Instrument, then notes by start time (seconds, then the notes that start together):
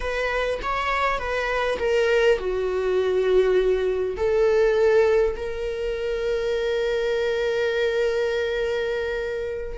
viola
0.00 B4
0.62 C#5
1.19 B4
1.78 A#4
2.38 F#4
4.16 A4
5.36 A#4